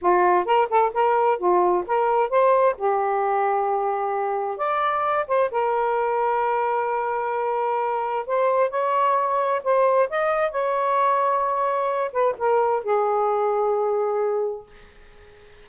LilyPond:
\new Staff \with { instrumentName = "saxophone" } { \time 4/4 \tempo 4 = 131 f'4 ais'8 a'8 ais'4 f'4 | ais'4 c''4 g'2~ | g'2 d''4. c''8 | ais'1~ |
ais'2 c''4 cis''4~ | cis''4 c''4 dis''4 cis''4~ | cis''2~ cis''8 b'8 ais'4 | gis'1 | }